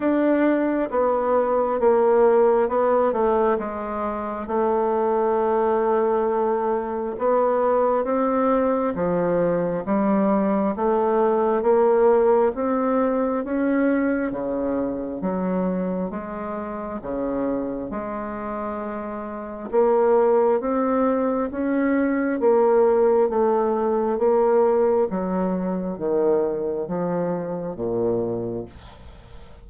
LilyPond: \new Staff \with { instrumentName = "bassoon" } { \time 4/4 \tempo 4 = 67 d'4 b4 ais4 b8 a8 | gis4 a2. | b4 c'4 f4 g4 | a4 ais4 c'4 cis'4 |
cis4 fis4 gis4 cis4 | gis2 ais4 c'4 | cis'4 ais4 a4 ais4 | fis4 dis4 f4 ais,4 | }